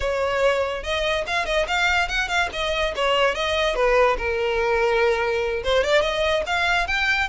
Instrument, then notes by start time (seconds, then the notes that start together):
violin
0.00 C#5
0.83 D#5
1.26 F5
1.45 D#5
1.67 F5
2.08 F#5
2.28 F5
2.52 D#5
2.95 C#5
3.34 D#5
3.75 B4
4.17 A#4
5.63 C5
5.83 D5
6.01 D#5
6.46 F5
6.87 G5